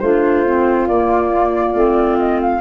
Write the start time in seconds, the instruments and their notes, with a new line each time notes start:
0.00 tuba A3, clarinet D4, flute F4 C5
0.46 clarinet C4
0.87 tuba A#3, clarinet A#3, flute D5
1.74 tuba A3, clarinet C4
2.18 flute D#5
2.41 flute F5